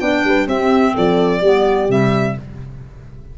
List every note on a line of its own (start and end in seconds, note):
0.00 0.24 B3
0.00 0.47 D4
0.00 0.25 D5
0.00 0.47 G5
0.24 0.47 G3
0.24 0.47 B4
0.47 0.94 C4
0.47 1.42 C4
0.47 0.94 G4
0.47 0.96 E5
0.94 1.42 F3
0.94 1.41 A4
0.94 1.91 D5
1.41 1.89 G3
1.41 1.89 B3
1.41 2.36 G4
1.89 2.36 C3
1.89 2.36 G3
1.89 2.38 E5